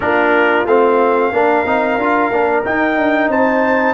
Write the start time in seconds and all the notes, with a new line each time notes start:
0.00 A#3 D4 F4 A#4
0.65 A3 C4 F5
1.32 A#3 D4 A#4
1.65 C4 D#4
1.97 D4 F4
2.31 A#3 D4
2.65 D#4 G5
2.97 D4
3.27 C4 C5 A5